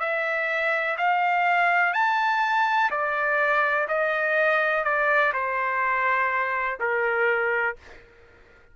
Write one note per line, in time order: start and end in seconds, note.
0.00 0.97 E5
0.97 1.94 F5
1.94 2.90 A5
2.91 3.88 D5
3.88 4.84 D#5
4.84 5.33 D5
5.33 6.78 C5
6.80 7.76 A#4